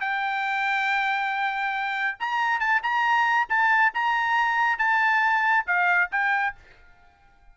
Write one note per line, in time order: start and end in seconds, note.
0.00 2.17 G5
2.19 2.60 A#5
2.60 2.81 A5
2.82 3.48 A#5
3.49 3.92 A5
3.94 4.78 A#5
4.78 5.65 A5
5.66 6.10 F5
6.11 6.55 G5